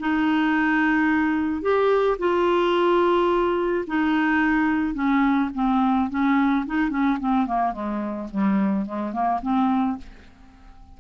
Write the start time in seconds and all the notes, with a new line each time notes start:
0.00 D#4
1.62 G4
2.18 F4
3.87 D#4
4.94 C#4
5.54 C4
6.10 C#4
6.66 D#4
6.90 C#4
7.20 C4
7.47 A#3
7.73 G#3
8.31 G3
8.86 G#3
9.12 A#3
9.42 C4